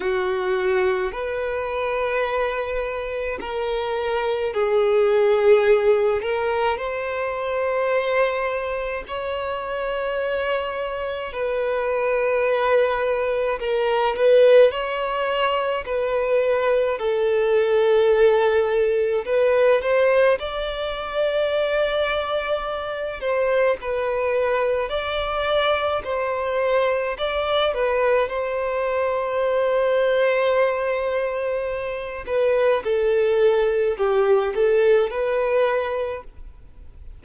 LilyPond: \new Staff \with { instrumentName = "violin" } { \time 4/4 \tempo 4 = 53 fis'4 b'2 ais'4 | gis'4. ais'8 c''2 | cis''2 b'2 | ais'8 b'8 cis''4 b'4 a'4~ |
a'4 b'8 c''8 d''2~ | d''8 c''8 b'4 d''4 c''4 | d''8 b'8 c''2.~ | c''8 b'8 a'4 g'8 a'8 b'4 | }